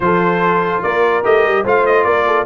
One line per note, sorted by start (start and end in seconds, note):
0.00 0.81 F3
0.00 1.23 F4
0.00 0.84 A4
0.00 0.82 C5
0.82 1.24 A#3
0.82 1.63 A#4
0.82 1.23 D5
1.23 1.44 A3
1.23 1.64 G4
1.23 1.65 D#5
1.44 1.64 G3
1.63 2.05 A3
1.63 2.45 F4
1.63 2.04 C5
1.63 1.85 F5
1.85 2.04 D#5
2.04 2.45 A#3
2.04 2.25 A#4
2.04 2.45 D5
2.26 2.45 A4